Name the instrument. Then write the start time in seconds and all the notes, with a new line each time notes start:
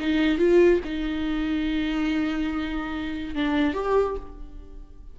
viola
0.00 D#4
0.38 F4
0.84 D#4
3.35 D4
3.74 G4